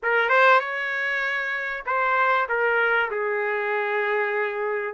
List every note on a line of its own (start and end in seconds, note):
0.03 0.29 A#4
0.29 0.60 C5
0.60 1.83 C#5
1.86 2.47 C5
2.48 3.10 A#4
3.11 4.94 G#4